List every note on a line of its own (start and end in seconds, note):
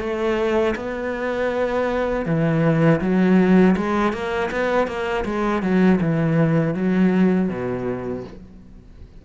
0.00 0.75 A3
0.76 2.26 B3
2.26 3.01 E3
3.01 3.76 F#3
3.77 4.13 G#3
4.13 4.50 A#3
4.51 4.87 B3
4.87 5.25 A#3
5.25 5.62 G#3
5.62 6.00 F#3
6.01 6.75 E3
6.75 7.49 F#3
7.49 8.24 B2